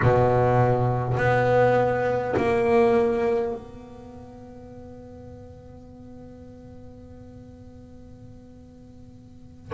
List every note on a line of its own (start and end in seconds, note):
0.02 1.17 B2
1.17 2.34 B3
2.36 3.53 A#3
3.53 9.71 B3